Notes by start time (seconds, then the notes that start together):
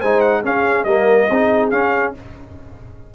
0.00 G#3 D#4 C5 G#5
0.21 F#5
0.44 C#4 G#4 F5
0.85 G3 A#3 A#4 D#5
1.30 C4 D#4 G#4
1.71 C#4 F5